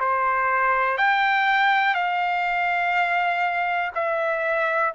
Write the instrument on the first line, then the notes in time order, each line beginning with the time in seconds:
trumpet
0.00 C5
0.98 G5
1.95 F5
3.95 E5